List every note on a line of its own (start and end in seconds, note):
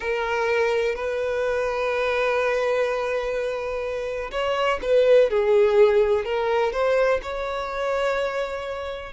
0.00 0.95 A#4
0.95 4.31 B4
4.31 4.79 C#5
4.82 5.30 B4
5.30 6.24 G#4
6.24 6.72 A#4
6.72 7.20 C5
7.22 9.12 C#5